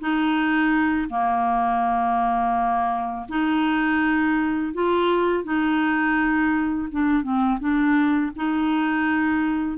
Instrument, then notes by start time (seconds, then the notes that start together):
clarinet
0.00 D#4
1.09 A#3
3.28 D#4
4.73 F4
5.44 D#4
6.91 D4
7.23 C4
7.59 D4
8.36 D#4